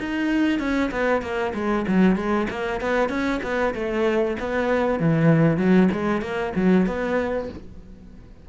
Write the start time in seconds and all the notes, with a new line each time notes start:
0.00 D#4
0.60 C#4
0.92 B3
1.22 A#3
1.55 G#3
1.88 F#3
2.16 G#3
2.50 A#3
2.82 B3
3.10 C#4
3.43 B3
3.75 A3
4.40 B3
5.00 E3
5.58 F#3
5.93 G#3
6.22 A#3
6.56 F#3
6.87 B3